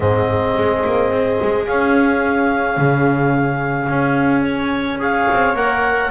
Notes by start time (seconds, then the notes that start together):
0.00 G#2 C4 G#4 D#5
0.56 G#3
0.85 A#3
1.11 C4
1.41 G#3
1.65 C#4 F5
2.77 C#3
3.88 C#4
4.42 C#5
4.99 G#4 C#5 F5
5.31 C4
5.54 A#3 A#4 F#5